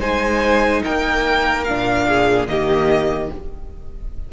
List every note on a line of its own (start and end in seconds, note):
0.00 0.82 G#3
0.00 1.65 D#4
0.00 0.82 C5
0.00 0.83 G#5
0.84 1.70 A#3
0.84 2.07 A#4
0.84 1.64 G5
1.64 2.47 D4
1.64 2.46 F5
1.71 2.47 A#2
2.08 2.49 G#4
2.47 3.29 D#3
2.47 3.29 A#3
2.47 3.33 G4
2.47 3.30 D#5